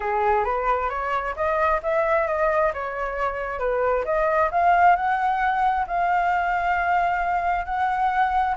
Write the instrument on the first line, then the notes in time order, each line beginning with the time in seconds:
flute
0.00 G#4
0.44 B4
0.89 C#5
1.35 D#5
1.82 E5
2.27 D#5
2.73 C#5
3.59 B4
4.04 D#5
4.51 F5
4.95 F#5
5.87 F5
7.65 F#5